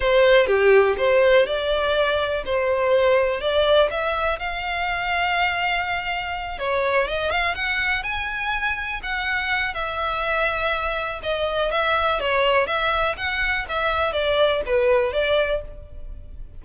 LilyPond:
\new Staff \with { instrumentName = "violin" } { \time 4/4 \tempo 4 = 123 c''4 g'4 c''4 d''4~ | d''4 c''2 d''4 | e''4 f''2.~ | f''4. cis''4 dis''8 f''8 fis''8~ |
fis''8 gis''2 fis''4. | e''2. dis''4 | e''4 cis''4 e''4 fis''4 | e''4 d''4 b'4 d''4 | }